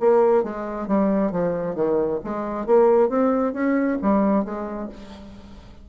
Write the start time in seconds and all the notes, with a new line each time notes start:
0.00 A#3
0.43 G#3
0.88 G3
1.32 F3
1.75 D#3
2.24 G#3
2.67 A#3
3.09 C4
3.53 C#4
4.02 G3
4.45 G#3